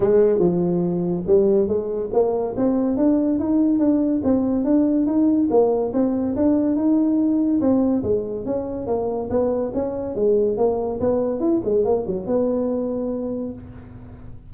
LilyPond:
\new Staff \with { instrumentName = "tuba" } { \time 4/4 \tempo 4 = 142 gis4 f2 g4 | gis4 ais4 c'4 d'4 | dis'4 d'4 c'4 d'4 | dis'4 ais4 c'4 d'4 |
dis'2 c'4 gis4 | cis'4 ais4 b4 cis'4 | gis4 ais4 b4 e'8 gis8 | ais8 fis8 b2. | }